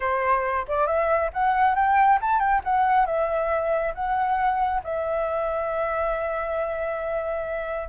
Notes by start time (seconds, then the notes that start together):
0.00 C5
0.67 D5
0.86 E5
1.33 F#5
1.75 G5
2.21 A5
2.39 G5
2.63 F#5
3.06 E5
3.94 F#5
4.83 E5